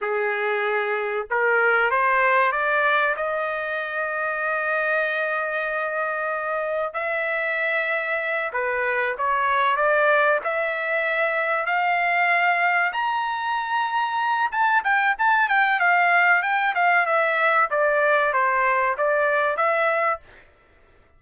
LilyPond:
\new Staff \with { instrumentName = "trumpet" } { \time 4/4 \tempo 4 = 95 gis'2 ais'4 c''4 | d''4 dis''2.~ | dis''2. e''4~ | e''4. b'4 cis''4 d''8~ |
d''8 e''2 f''4.~ | f''8 ais''2~ ais''8 a''8 g''8 | a''8 g''8 f''4 g''8 f''8 e''4 | d''4 c''4 d''4 e''4 | }